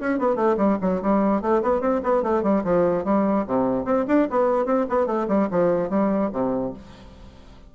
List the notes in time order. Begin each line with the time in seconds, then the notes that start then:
0.00 C#4
0.18 B3
0.35 A3
0.57 G3
0.81 F#3
1.02 G3
1.41 A3
1.62 B3
1.81 C4
2.03 B3
2.22 A3
2.42 G3
2.64 F3
3.04 G3
3.47 C3
3.85 C4
4.07 D4
4.30 B3
4.65 C4
4.89 B3
5.06 A3
5.28 G3
5.50 F3
5.90 G3
6.32 C3